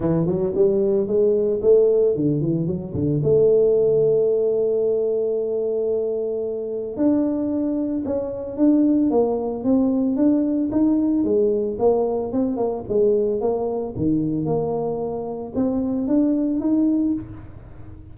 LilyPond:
\new Staff \with { instrumentName = "tuba" } { \time 4/4 \tempo 4 = 112 e8 fis8 g4 gis4 a4 | d8 e8 fis8 d8 a2~ | a1~ | a4 d'2 cis'4 |
d'4 ais4 c'4 d'4 | dis'4 gis4 ais4 c'8 ais8 | gis4 ais4 dis4 ais4~ | ais4 c'4 d'4 dis'4 | }